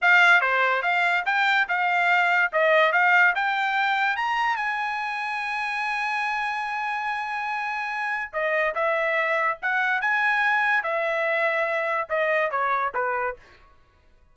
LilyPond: \new Staff \with { instrumentName = "trumpet" } { \time 4/4 \tempo 4 = 144 f''4 c''4 f''4 g''4 | f''2 dis''4 f''4 | g''2 ais''4 gis''4~ | gis''1~ |
gis''1 | dis''4 e''2 fis''4 | gis''2 e''2~ | e''4 dis''4 cis''4 b'4 | }